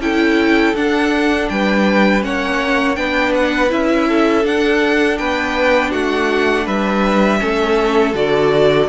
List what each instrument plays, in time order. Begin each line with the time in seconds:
0.00 cello C#4, viola E4, violin A4 G5
0.75 cello D4, viola D4, violin F#5
1.49 cello G3, violin B4 G5
2.22 cello A#3, viola C#4, violin C#5 F#5
2.96 cello B3, viola D4, violin B4 G5
3.35 violin F#5
3.70 cello C#4, viola E4, violin E5
4.08 violin A4
4.44 viola D4, cello D4, violin F#5
5.18 cello B3, violin B4 G5
5.91 cello A3, violin F#4 F#5
6.65 cello G3, violin B4 E5
7.40 cello A3, viola C#4, violin A4
8.14 cello D3, viola F#4, violin D5